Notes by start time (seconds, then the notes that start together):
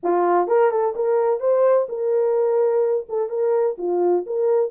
0.03 F4
0.47 A#4
0.70 A4
0.95 A#4
1.40 C5
1.88 A#4
3.08 A4
3.29 A#4
3.78 F4
4.26 A#4